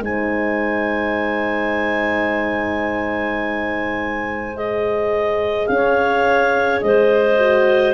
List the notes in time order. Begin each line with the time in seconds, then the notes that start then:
0.00 G#3 D#4 C5 G#5
4.55 G#4 D#5
5.67 C#4 F5
5.74 C#5
6.81 G#3 C5 D#5
7.38 F#4